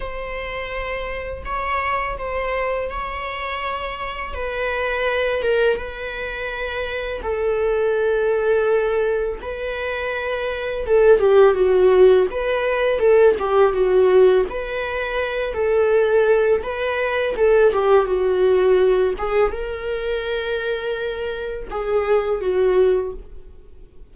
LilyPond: \new Staff \with { instrumentName = "viola" } { \time 4/4 \tempo 4 = 83 c''2 cis''4 c''4 | cis''2 b'4. ais'8 | b'2 a'2~ | a'4 b'2 a'8 g'8 |
fis'4 b'4 a'8 g'8 fis'4 | b'4. a'4. b'4 | a'8 g'8 fis'4. gis'8 ais'4~ | ais'2 gis'4 fis'4 | }